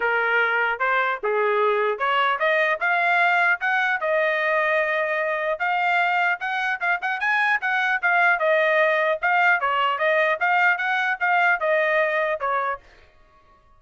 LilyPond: \new Staff \with { instrumentName = "trumpet" } { \time 4/4 \tempo 4 = 150 ais'2 c''4 gis'4~ | gis'4 cis''4 dis''4 f''4~ | f''4 fis''4 dis''2~ | dis''2 f''2 |
fis''4 f''8 fis''8 gis''4 fis''4 | f''4 dis''2 f''4 | cis''4 dis''4 f''4 fis''4 | f''4 dis''2 cis''4 | }